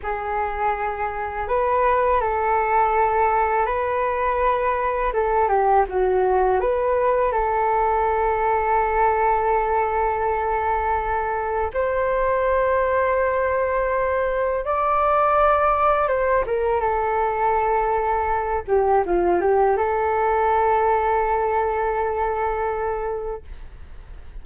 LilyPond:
\new Staff \with { instrumentName = "flute" } { \time 4/4 \tempo 4 = 82 gis'2 b'4 a'4~ | a'4 b'2 a'8 g'8 | fis'4 b'4 a'2~ | a'1 |
c''1 | d''2 c''8 ais'8 a'4~ | a'4. g'8 f'8 g'8 a'4~ | a'1 | }